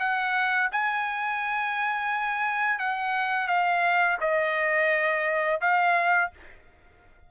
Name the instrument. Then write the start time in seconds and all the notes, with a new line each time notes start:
trumpet
0.00 F#5
0.72 G#5
2.80 F#5
3.48 F5
4.21 D#5
5.62 F5